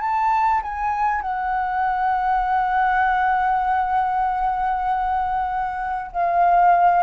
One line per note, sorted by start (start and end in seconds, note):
0.00 0.61 A5
0.62 1.21 G#5
1.21 6.11 F#5
6.12 7.03 F5